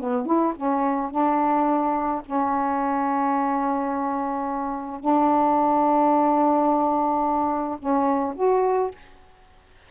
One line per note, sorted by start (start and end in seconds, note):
0.00 0.26 B3
0.26 0.54 E4
0.56 1.11 C#4
1.11 2.22 D4
2.26 5.01 C#4
5.01 7.78 D4
7.79 8.35 C#4
8.36 8.91 F#4